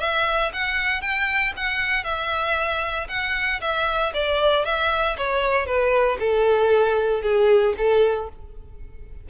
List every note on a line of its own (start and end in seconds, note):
0.00 0.52 E5
0.53 1.02 F#5
1.02 1.53 G5
1.57 2.04 F#5
2.04 3.07 E5
3.09 3.61 F#5
3.61 4.13 E5
4.14 4.65 D5
4.65 5.17 E5
5.17 5.66 C#5
5.66 6.18 B4
6.20 7.22 A4
7.22 7.74 G#4
7.78 8.29 A4